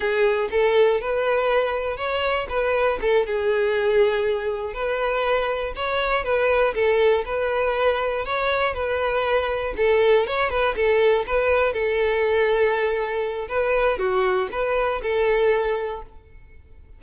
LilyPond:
\new Staff \with { instrumentName = "violin" } { \time 4/4 \tempo 4 = 120 gis'4 a'4 b'2 | cis''4 b'4 a'8 gis'4.~ | gis'4. b'2 cis''8~ | cis''8 b'4 a'4 b'4.~ |
b'8 cis''4 b'2 a'8~ | a'8 cis''8 b'8 a'4 b'4 a'8~ | a'2. b'4 | fis'4 b'4 a'2 | }